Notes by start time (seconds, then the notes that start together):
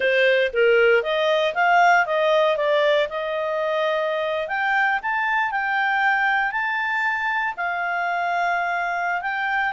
0.00 C5
0.53 A#4
1.03 D#5
1.54 F5
2.06 D#5
2.56 D5
3.09 D#5
4.48 G5
5.02 A5
5.51 G5
6.51 A5
7.56 F5
9.21 G5